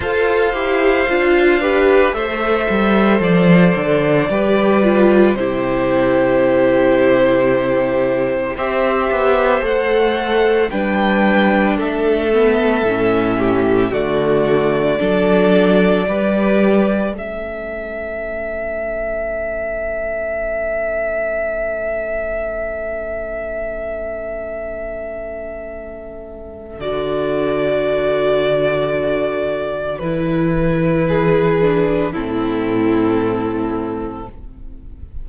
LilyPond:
<<
  \new Staff \with { instrumentName = "violin" } { \time 4/4 \tempo 4 = 56 f''2 e''4 d''4~ | d''4 c''2. | e''4 fis''4 g''4 e''4~ | e''4 d''2. |
e''1~ | e''1~ | e''4 d''2. | b'2 a'2 | }
  \new Staff \with { instrumentName = "violin" } { \time 4/4 c''4. b'8 c''2 | b'4 g'2. | c''2 b'4 a'4~ | a'8 g'8 fis'4 a'4 b'4 |
a'1~ | a'1~ | a'1~ | a'4 gis'4 e'2 | }
  \new Staff \with { instrumentName = "viola" } { \time 4/4 a'8 g'8 f'8 g'8 a'2 | g'8 f'8 e'2. | g'4 a'4 d'4. b8 | cis'4 a4 d'4 g'4 |
cis'1~ | cis'1~ | cis'4 fis'2. | e'4. d'8 c'2 | }
  \new Staff \with { instrumentName = "cello" } { \time 4/4 f'8 e'8 d'4 a8 g8 f8 d8 | g4 c2. | c'8 b8 a4 g4 a4 | a,4 d4 fis4 g4 |
a1~ | a1~ | a4 d2. | e2 a,2 | }
>>